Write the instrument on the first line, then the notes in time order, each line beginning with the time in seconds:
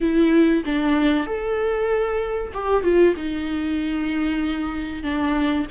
viola
0.01 E4
0.65 D4
1.26 A4
2.53 G4
2.83 F4
3.16 D#4
5.03 D4